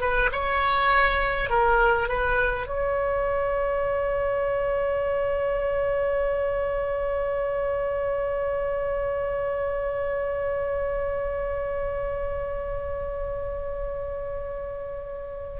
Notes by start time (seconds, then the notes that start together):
0.00 B4
0.32 C#5
1.49 A#4
2.08 B4
2.66 C#5